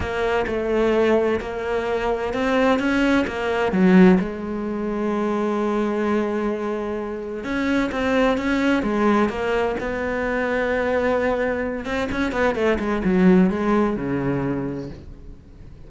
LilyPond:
\new Staff \with { instrumentName = "cello" } { \time 4/4 \tempo 4 = 129 ais4 a2 ais4~ | ais4 c'4 cis'4 ais4 | fis4 gis2.~ | gis1 |
cis'4 c'4 cis'4 gis4 | ais4 b2.~ | b4. c'8 cis'8 b8 a8 gis8 | fis4 gis4 cis2 | }